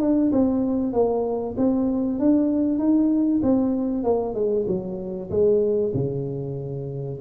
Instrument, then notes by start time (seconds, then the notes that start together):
tuba
0.00 D4
0.32 C4
0.93 A#3
1.57 C4
2.19 D4
2.79 D#4
3.43 C4
4.04 A#3
4.35 G#3
4.67 F#3
5.30 G#3
5.94 C#3